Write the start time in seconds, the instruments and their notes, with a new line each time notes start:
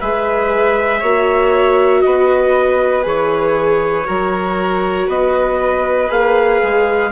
0.00 bassoon G#3, viola G#4, violin B4, trumpet E5
0.99 bassoon A#3, viola F#4, violin C#5
2.01 bassoon B3, violin B4, trumpet D#5
3.02 bassoon E3, viola G#4, trumpet C#5
4.05 bassoon F#3, viola F#4, violin A#4
5.07 bassoon B3, violin B4, trumpet D#5
6.09 bassoon A#3, viola G#4, trumpet F5
6.62 bassoon G#3